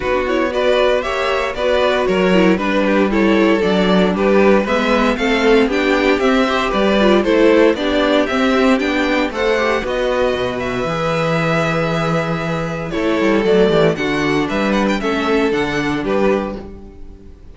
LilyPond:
<<
  \new Staff \with { instrumentName = "violin" } { \time 4/4 \tempo 4 = 116 b'8 cis''8 d''4 e''4 d''4 | cis''4 b'4 cis''4 d''4 | b'4 e''4 f''4 g''4 | e''4 d''4 c''4 d''4 |
e''4 g''4 fis''4 dis''4~ | dis''8 e''2.~ e''8~ | e''4 cis''4 d''4 fis''4 | e''8 fis''16 g''16 e''4 fis''4 b'4 | }
  \new Staff \with { instrumentName = "violin" } { \time 4/4 fis'4 b'4 cis''4 b'4 | ais'4 b'8 g'8 a'2 | g'4 b'4 a'4 g'4~ | g'8 c''8 b'4 a'4 g'4~ |
g'2 c''4 b'4~ | b'1~ | b'4 a'4. g'8 fis'4 | b'4 a'2 g'4 | }
  \new Staff \with { instrumentName = "viola" } { \time 4/4 dis'16 d'16 e'8 fis'4 g'4 fis'4~ | fis'8 e'8 d'4 e'4 d'4~ | d'4 b4 c'4 d'4 | c'8 g'4 f'8 e'4 d'4 |
c'4 d'4 a'8 g'8 fis'4~ | fis'4 gis'2.~ | gis'4 e'4 a4 d'4~ | d'4 cis'4 d'2 | }
  \new Staff \with { instrumentName = "cello" } { \time 4/4 b2 ais4 b4 | fis4 g2 fis4 | g4 gis4 a4 b4 | c'4 g4 a4 b4 |
c'4 b4 a4 b4 | b,4 e2.~ | e4 a8 g8 fis8 e8 d4 | g4 a4 d4 g4 | }
>>